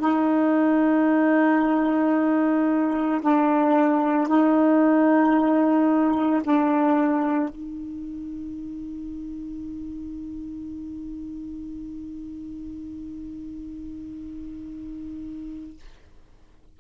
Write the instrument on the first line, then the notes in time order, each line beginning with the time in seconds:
saxophone
0.00 D#4
3.22 D4
4.28 D#4
6.44 D4
7.50 D#4